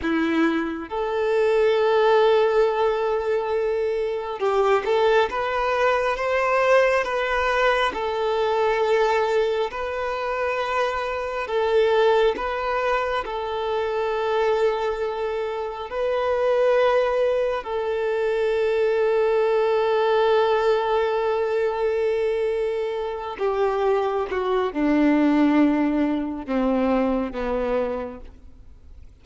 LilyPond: \new Staff \with { instrumentName = "violin" } { \time 4/4 \tempo 4 = 68 e'4 a'2.~ | a'4 g'8 a'8 b'4 c''4 | b'4 a'2 b'4~ | b'4 a'4 b'4 a'4~ |
a'2 b'2 | a'1~ | a'2~ a'8 g'4 fis'8 | d'2 c'4 b4 | }